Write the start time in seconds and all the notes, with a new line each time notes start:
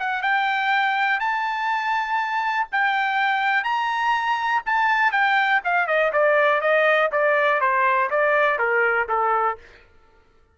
0.00 F#5
0.23 G5
1.20 A5
2.73 G5
3.64 A#5
4.66 A5
5.13 G5
5.65 F5
5.88 D#5
6.13 D5
6.61 D#5
7.12 D5
7.61 C5
8.11 D5
8.59 A#4
9.09 A4